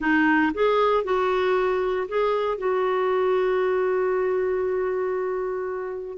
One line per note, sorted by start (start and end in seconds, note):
0.00 0.52 D#4
0.53 1.04 G#4
1.04 2.07 F#4
2.08 2.58 G#4
2.58 6.18 F#4